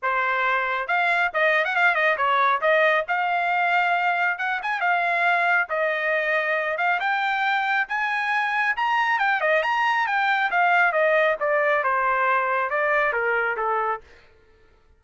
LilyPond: \new Staff \with { instrumentName = "trumpet" } { \time 4/4 \tempo 4 = 137 c''2 f''4 dis''8. fis''16 | f''8 dis''8 cis''4 dis''4 f''4~ | f''2 fis''8 gis''8 f''4~ | f''4 dis''2~ dis''8 f''8 |
g''2 gis''2 | ais''4 g''8 dis''8 ais''4 g''4 | f''4 dis''4 d''4 c''4~ | c''4 d''4 ais'4 a'4 | }